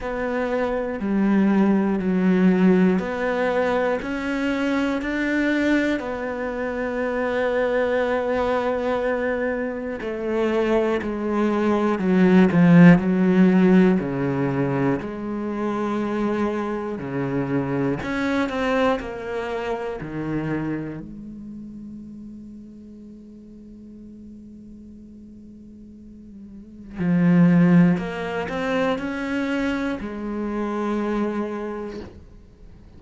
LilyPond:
\new Staff \with { instrumentName = "cello" } { \time 4/4 \tempo 4 = 60 b4 g4 fis4 b4 | cis'4 d'4 b2~ | b2 a4 gis4 | fis8 f8 fis4 cis4 gis4~ |
gis4 cis4 cis'8 c'8 ais4 | dis4 gis2.~ | gis2. f4 | ais8 c'8 cis'4 gis2 | }